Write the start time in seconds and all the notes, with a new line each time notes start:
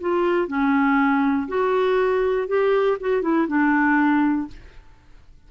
0.00 F4
0.47 C#4
1.48 F#4
2.47 G4
3.00 F#4
3.22 E4
3.47 D4